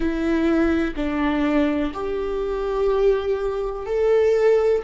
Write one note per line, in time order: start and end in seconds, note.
0.00 0.94 E4
0.96 1.93 D4
1.94 3.85 G4
3.85 4.82 A4